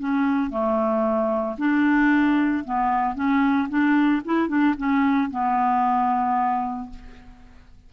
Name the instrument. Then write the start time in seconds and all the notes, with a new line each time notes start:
clarinet
0.00 C#4
0.50 A3
1.58 D4
2.65 B3
3.15 C#4
3.69 D4
4.26 E4
4.48 D4
4.78 C#4
5.31 B3